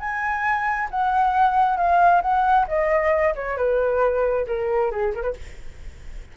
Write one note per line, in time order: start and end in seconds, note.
0.00 0.89 G#5
0.91 1.77 F#5
1.77 2.22 F5
2.22 2.66 F#5
2.68 3.34 D#5
3.35 3.57 C#5
3.57 4.46 B4
4.47 4.91 A#4
4.91 5.13 G#4
5.15 5.23 A#4
5.23 5.34 B4